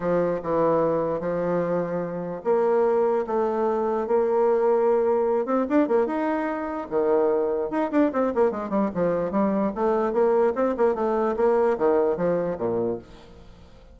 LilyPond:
\new Staff \with { instrumentName = "bassoon" } { \time 4/4 \tempo 4 = 148 f4 e2 f4~ | f2 ais2 | a2 ais2~ | ais4. c'8 d'8 ais8 dis'4~ |
dis'4 dis2 dis'8 d'8 | c'8 ais8 gis8 g8 f4 g4 | a4 ais4 c'8 ais8 a4 | ais4 dis4 f4 ais,4 | }